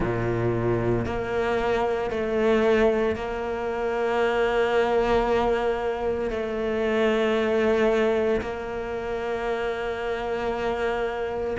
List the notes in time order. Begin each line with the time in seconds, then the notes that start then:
0.00 A#2
1.05 A#3
2.10 A3
3.15 A#3
6.30 A3
8.41 A#3